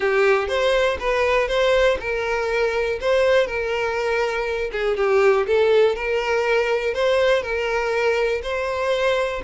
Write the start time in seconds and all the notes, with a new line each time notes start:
0.00 G4
0.48 C5
0.99 B4
1.48 C5
2.00 A#4
3.00 C5
3.46 A#4
4.72 G#4
4.96 G4
5.46 A4
5.95 A#4
6.94 C5
7.42 A#4
8.43 C5